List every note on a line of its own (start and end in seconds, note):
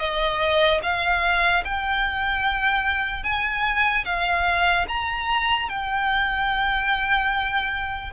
0.00 0.81 D#5
0.83 1.64 F5
1.65 3.24 G5
3.24 4.05 G#5
4.06 4.87 F5
4.89 5.69 A#5
5.69 8.13 G5